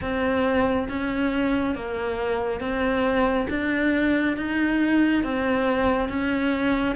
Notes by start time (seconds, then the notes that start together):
0.01 C4
0.88 C#4
1.75 A#3
2.60 C4
3.49 D4
4.36 D#4
5.23 C4
6.09 C#4